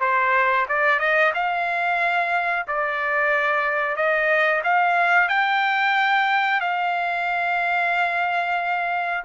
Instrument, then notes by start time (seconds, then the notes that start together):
trumpet
0.00 C5
0.68 D5
0.99 D#5
1.34 F5
2.67 D5
3.96 D#5
4.63 F5
5.28 G5
6.60 F5